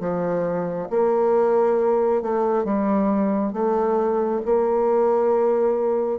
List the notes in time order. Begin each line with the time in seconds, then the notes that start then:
0.00 F3
0.90 A#3
2.22 A3
2.65 G3
3.53 A3
4.45 A#3